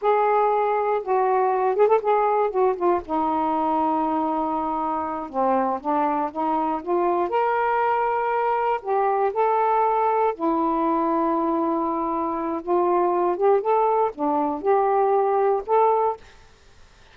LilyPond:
\new Staff \with { instrumentName = "saxophone" } { \time 4/4 \tempo 4 = 119 gis'2 fis'4. gis'16 a'16 | gis'4 fis'8 f'8 dis'2~ | dis'2~ dis'8 c'4 d'8~ | d'8 dis'4 f'4 ais'4.~ |
ais'4. g'4 a'4.~ | a'8 e'2.~ e'8~ | e'4 f'4. g'8 a'4 | d'4 g'2 a'4 | }